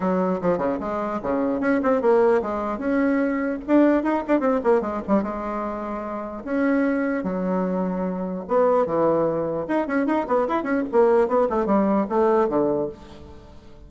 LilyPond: \new Staff \with { instrumentName = "bassoon" } { \time 4/4 \tempo 4 = 149 fis4 f8 cis8 gis4 cis4 | cis'8 c'8 ais4 gis4 cis'4~ | cis'4 d'4 dis'8 d'8 c'8 ais8 | gis8 g8 gis2. |
cis'2 fis2~ | fis4 b4 e2 | dis'8 cis'8 dis'8 b8 e'8 cis'8 ais4 | b8 a8 g4 a4 d4 | }